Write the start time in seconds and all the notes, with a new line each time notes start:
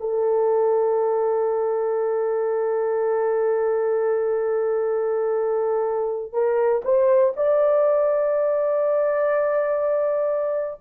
0.00 A4
6.33 A#4
6.85 C5
7.36 D5